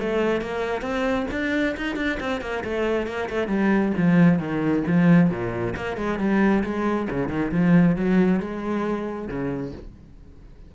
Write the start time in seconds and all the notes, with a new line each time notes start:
0.00 A3
0.42 A#3
0.82 C4
1.32 D4
1.77 D#4
1.97 D4
2.21 C4
2.42 A#3
2.65 A3
3.07 A#3
3.30 A3
3.48 G3
3.98 F3
4.39 D#3
4.88 F3
5.31 A#2
5.77 A#3
5.97 G#3
6.19 G3
6.64 G#3
7.11 C#3
7.29 D#3
7.52 F3
7.97 F#3
8.40 G#3
9.28 C#3